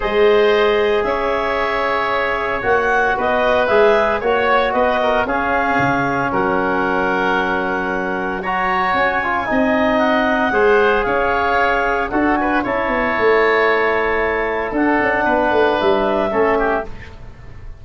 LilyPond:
<<
  \new Staff \with { instrumentName = "clarinet" } { \time 4/4 \tempo 4 = 114 dis''2 e''2~ | e''4 fis''4 dis''4 e''4 | cis''4 dis''4 f''2 | fis''1 |
ais''4 gis''2 fis''4~ | fis''4 f''2 fis''8 gis''8 | a''1 | fis''2 e''2 | }
  \new Staff \with { instrumentName = "oboe" } { \time 4/4 c''2 cis''2~ | cis''2 b'2 | cis''4 b'8 ais'8 gis'2 | ais'1 |
cis''2 dis''2 | c''4 cis''2 a'8 b'8 | cis''1 | a'4 b'2 a'8 g'8 | }
  \new Staff \with { instrumentName = "trombone" } { \time 4/4 gis'1~ | gis'4 fis'2 gis'4 | fis'2 cis'2~ | cis'1 |
fis'4. f'8 dis'2 | gis'2. fis'4 | e'1 | d'2. cis'4 | }
  \new Staff \with { instrumentName = "tuba" } { \time 4/4 gis2 cis'2~ | cis'4 ais4 b4 gis4 | ais4 b4 cis'4 cis4 | fis1~ |
fis4 cis'4 c'2 | gis4 cis'2 d'4 | cis'8 b8 a2. | d'8 cis'8 b8 a8 g4 a4 | }
>>